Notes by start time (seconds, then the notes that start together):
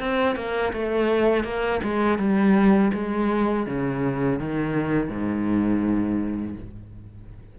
0.00 C4
0.36 A#3
0.73 A3
1.44 A#3
1.84 G#3
2.19 G3
2.94 G#3
3.67 C#3
4.40 D#3
5.09 G#2